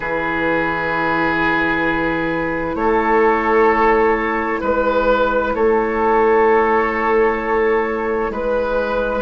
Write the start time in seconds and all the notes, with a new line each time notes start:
0.00 E3 E4 G#4 B4
2.74 A3 A4 C#5
4.60 G#3 B4
5.53 A3 A4 C#5
8.30 G#3 B4